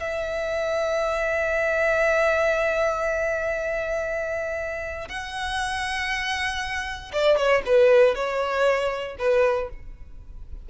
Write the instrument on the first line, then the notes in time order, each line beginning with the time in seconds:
violin
0.00 E5
5.08 F#5
7.13 D5
7.37 C#5
7.66 B4
8.15 C#5
9.19 B4